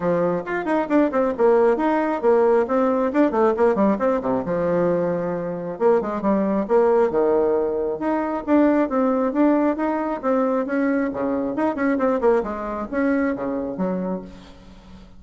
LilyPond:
\new Staff \with { instrumentName = "bassoon" } { \time 4/4 \tempo 4 = 135 f4 f'8 dis'8 d'8 c'8 ais4 | dis'4 ais4 c'4 d'8 a8 | ais8 g8 c'8 c8 f2~ | f4 ais8 gis8 g4 ais4 |
dis2 dis'4 d'4 | c'4 d'4 dis'4 c'4 | cis'4 cis4 dis'8 cis'8 c'8 ais8 | gis4 cis'4 cis4 fis4 | }